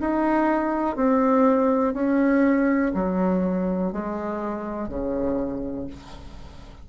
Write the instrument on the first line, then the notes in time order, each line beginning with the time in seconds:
bassoon
0.00 D#4
0.96 C4
1.94 C#4
2.94 F#3
3.93 G#3
4.89 C#3